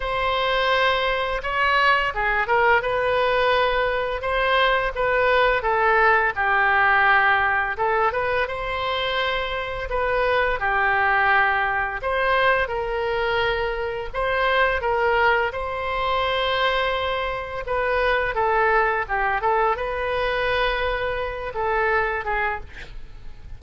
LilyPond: \new Staff \with { instrumentName = "oboe" } { \time 4/4 \tempo 4 = 85 c''2 cis''4 gis'8 ais'8 | b'2 c''4 b'4 | a'4 g'2 a'8 b'8 | c''2 b'4 g'4~ |
g'4 c''4 ais'2 | c''4 ais'4 c''2~ | c''4 b'4 a'4 g'8 a'8 | b'2~ b'8 a'4 gis'8 | }